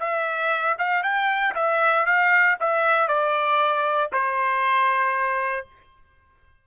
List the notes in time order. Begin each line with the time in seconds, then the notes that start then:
0.00 E5
0.79 F5
1.04 G5
1.55 E5
2.07 F5
2.61 E5
3.09 D5
4.13 C5